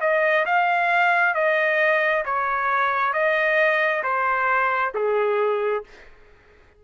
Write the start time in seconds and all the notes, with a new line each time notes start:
0.00 D#5
0.45 F5
1.34 D#5
2.25 C#5
3.13 D#5
4.03 C5
4.94 G#4